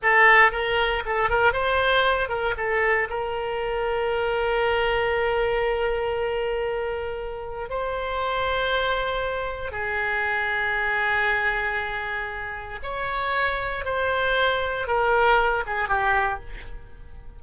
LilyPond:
\new Staff \with { instrumentName = "oboe" } { \time 4/4 \tempo 4 = 117 a'4 ais'4 a'8 ais'8 c''4~ | c''8 ais'8 a'4 ais'2~ | ais'1~ | ais'2. c''4~ |
c''2. gis'4~ | gis'1~ | gis'4 cis''2 c''4~ | c''4 ais'4. gis'8 g'4 | }